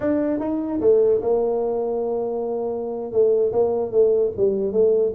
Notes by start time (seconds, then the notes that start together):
0.00 D4
0.39 D#4
0.80 A3
1.21 A#3
3.11 A3
3.52 A#3
3.91 A3
4.36 G3
4.72 A3